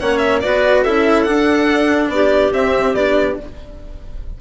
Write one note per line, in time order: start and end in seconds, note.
0.00 0.44 A#3
0.00 0.43 C#4
0.00 0.42 C#5
0.00 0.18 F#5
0.18 0.39 E5
0.41 0.86 B3
0.41 0.86 F#4
0.41 0.84 B4
0.41 0.83 D5
0.84 1.28 C#4
0.84 1.26 E4
0.84 2.10 A4
0.84 1.23 E5
1.23 2.53 D4
1.23 2.08 D4
1.23 2.08 F#5
2.08 2.51 B3
2.08 3.41 G4
2.08 2.53 D5
2.53 2.94 C4
2.53 2.96 C4
2.53 2.95 E5
2.94 3.36 B3
2.94 3.39 D4
2.94 3.37 D5